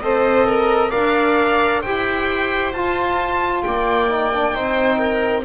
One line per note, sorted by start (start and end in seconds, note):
0.00 0.91 C4
0.00 0.91 A4
0.00 0.46 C5
0.00 0.90 D#5
0.46 0.91 A#4
0.90 1.85 D4
0.90 1.82 A#4
0.90 1.81 D5
0.90 1.81 F5
1.81 2.73 E4
1.81 2.75 G4
1.81 3.62 C5
1.81 2.72 G5
2.73 3.64 F4
2.73 4.09 F4
2.73 3.62 A5
3.62 4.55 A#3
3.62 4.55 D5
3.62 5.44 G5
4.09 4.32 D#4
4.33 4.52 D4
4.52 5.45 C4
4.52 5.43 D#4
4.52 4.98 C5
4.98 5.43 A#4